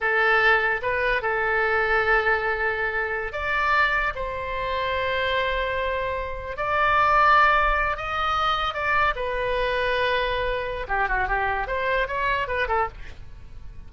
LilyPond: \new Staff \with { instrumentName = "oboe" } { \time 4/4 \tempo 4 = 149 a'2 b'4 a'4~ | a'1~ | a'16 d''2 c''4.~ c''16~ | c''1~ |
c''16 d''2.~ d''8 dis''16~ | dis''4.~ dis''16 d''4 b'4~ b'16~ | b'2. g'8 fis'8 | g'4 c''4 cis''4 b'8 a'8 | }